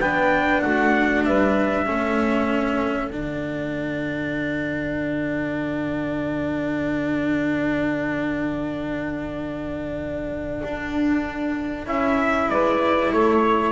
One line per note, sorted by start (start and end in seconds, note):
0.00 0.62 B3
0.00 1.86 D4
0.00 0.63 B4
0.00 0.61 G5
0.61 1.27 A3
0.61 1.26 F#4
0.61 1.24 F#5
1.25 1.88 G3
1.25 1.86 B4
1.25 3.12 E5
1.86 3.12 A3
1.86 3.11 C#4
1.86 12.48 A4
3.12 10.62 D3
3.12 11.86 D4
3.12 11.87 F#5
10.64 11.87 D4
11.86 12.49 C#4
11.86 13.72 E4
11.86 12.50 E5
12.50 13.12 G#3
12.50 13.12 B4
12.50 13.12 D5
13.12 13.72 A3
13.12 13.72 A4
13.12 13.72 C#5